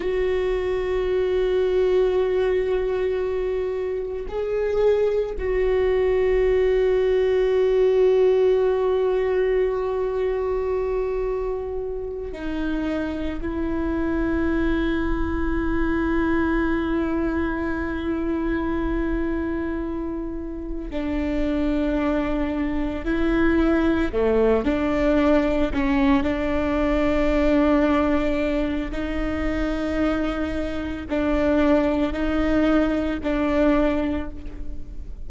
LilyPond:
\new Staff \with { instrumentName = "viola" } { \time 4/4 \tempo 4 = 56 fis'1 | gis'4 fis'2.~ | fis'2.~ fis'8 dis'8~ | dis'8 e'2.~ e'8~ |
e'2.~ e'8 d'8~ | d'4. e'4 a8 d'4 | cis'8 d'2~ d'8 dis'4~ | dis'4 d'4 dis'4 d'4 | }